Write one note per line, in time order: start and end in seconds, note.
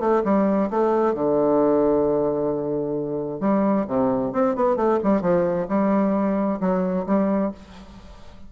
0.00 0.23 A3
0.25 0.70 G3
0.70 1.14 A3
1.14 3.40 D3
3.40 3.86 G3
3.87 4.33 C3
4.33 4.55 C4
4.55 4.76 B3
4.76 4.99 A3
5.04 5.21 G3
5.21 5.67 F3
5.69 6.60 G3
6.61 7.06 F#3
7.06 7.52 G3